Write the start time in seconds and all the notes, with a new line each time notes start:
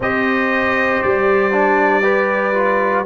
0.00 C4 G4 C5 D#5
1.02 G3 D5
1.51 D4
2.02 G4 B4
2.53 F4